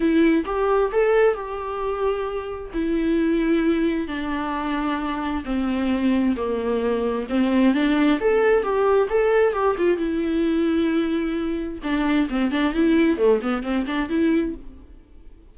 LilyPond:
\new Staff \with { instrumentName = "viola" } { \time 4/4 \tempo 4 = 132 e'4 g'4 a'4 g'4~ | g'2 e'2~ | e'4 d'2. | c'2 ais2 |
c'4 d'4 a'4 g'4 | a'4 g'8 f'8 e'2~ | e'2 d'4 c'8 d'8 | e'4 a8 b8 c'8 d'8 e'4 | }